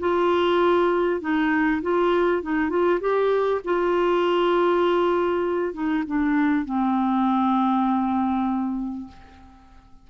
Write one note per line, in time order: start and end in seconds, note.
0.00 1.21 F4
1.21 1.82 D#4
1.82 2.43 F4
2.43 2.70 D#4
2.70 3.00 F4
3.01 3.61 G4
3.65 5.74 F4
5.74 6.04 D#4
6.07 6.66 D4
6.66 9.08 C4